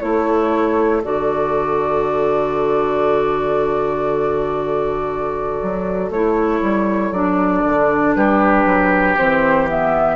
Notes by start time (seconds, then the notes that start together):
0.00 A3 E4 A4 C#5
1.03 D3 F#4 D5
5.62 F#3
6.10 A3 E4 C#5
6.61 G3
7.11 F#3 D4 D5
7.65 D3
8.15 G3 G4 B4
8.65 F#3
9.17 E3 C4 C5
9.67 B3 E5